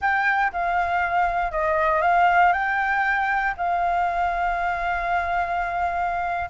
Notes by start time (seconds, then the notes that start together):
0.01 G5
0.52 F5
1.51 D#5
2.01 F5
2.52 G5
3.57 F5